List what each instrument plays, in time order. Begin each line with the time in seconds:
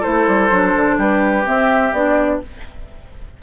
0.00 clarinet E4, oboe A4, flute C5
0.07 bassoon A3
0.28 bassoon G3
0.51 bassoon F#3, clarinet D4
0.76 bassoon D3
0.98 bassoon G3, oboe G4, flute B4
1.45 clarinet C4, bassoon C4, flute E5
1.93 bassoon B3, clarinet D4, flute D5